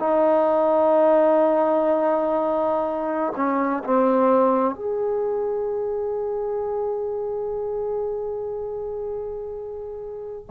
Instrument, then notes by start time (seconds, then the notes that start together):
trombone
0.00 D#4
3.36 C#4
3.85 C4
4.75 G#4